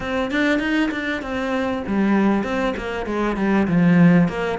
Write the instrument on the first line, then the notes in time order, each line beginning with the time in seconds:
cello
0.00 C4
0.31 D4
0.59 D#4
0.91 D4
1.22 C4
1.87 G3
2.43 C4
2.77 A#3
3.06 G#3
3.36 G3
3.67 F3
4.28 A#3